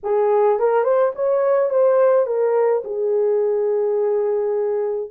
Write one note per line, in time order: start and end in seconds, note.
0.03 0.59 G#4
0.59 0.83 A#4
0.83 1.12 C5
1.15 1.70 C#5
1.70 2.26 C5
2.26 2.83 A#4
2.84 5.10 G#4